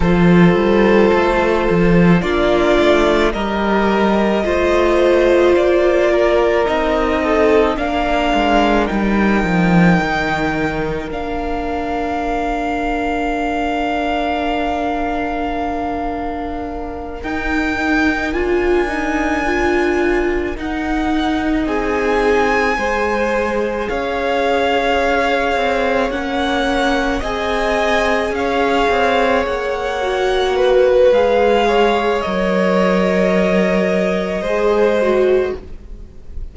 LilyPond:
<<
  \new Staff \with { instrumentName = "violin" } { \time 4/4 \tempo 4 = 54 c''2 d''4 dis''4~ | dis''4 d''4 dis''4 f''4 | g''2 f''2~ | f''2.~ f''8 g''8~ |
g''8 gis''2 fis''4 gis''8~ | gis''4. f''2 fis''8~ | fis''8 gis''4 f''4 fis''4. | f''4 dis''2. | }
  \new Staff \with { instrumentName = "violin" } { \time 4/4 a'2 f'4 ais'4 | c''4. ais'4 a'8 ais'4~ | ais'1~ | ais'1~ |
ais'2.~ ais'8 gis'8~ | gis'8 c''4 cis''2~ cis''8~ | cis''8 dis''4 cis''2 b'8~ | b'8 cis''2~ cis''8 c''4 | }
  \new Staff \with { instrumentName = "viola" } { \time 4/4 f'2 d'4 g'4 | f'2 dis'4 d'4 | dis'2 d'2~ | d'2.~ d'8 dis'8~ |
dis'8 f'8 dis'8 f'4 dis'4.~ | dis'8 gis'2. cis'8~ | cis'8 gis'2~ gis'8 fis'4 | gis'4 ais'2 gis'8 fis'8 | }
  \new Staff \with { instrumentName = "cello" } { \time 4/4 f8 g8 a8 f8 ais8 a8 g4 | a4 ais4 c'4 ais8 gis8 | g8 f8 dis4 ais2~ | ais2.~ ais8 dis'8~ |
dis'8 d'2 dis'4 c'8~ | c'8 gis4 cis'4. c'8 ais8~ | ais8 c'4 cis'8 c'8 ais4. | gis4 fis2 gis4 | }
>>